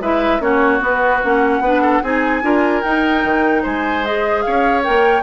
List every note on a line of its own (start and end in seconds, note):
0.00 0.40 G#3
0.00 0.40 E4
0.00 0.41 B4
0.00 0.41 E5
0.40 0.80 A#3
0.40 0.79 C#4
0.40 1.63 F#4
0.40 0.81 C#5
0.79 1.19 B3
0.79 1.22 B3
0.85 1.24 B4
1.23 1.60 A#3
1.23 1.63 C#4
1.23 2.03 F#5
1.60 2.00 B3
1.60 2.03 D4
1.60 1.82 B4
1.82 2.02 A4
2.02 2.42 C4
2.02 2.42 D#4
2.02 2.43 G#4
2.02 2.82 G#5
2.42 2.83 D4
2.42 2.82 F4
2.42 3.62 A#4
2.82 3.24 D#4
2.82 4.04 D#4
2.82 3.62 G5
3.24 3.64 D#3
3.62 4.45 G#3
3.62 4.43 C5
3.62 4.05 G#5
4.04 4.83 G#4
4.04 4.41 D#5
4.41 4.87 C#4
4.41 5.22 C#5
4.41 4.82 F5
4.83 5.22 A#3
4.83 5.22 A#4
4.83 5.22 G5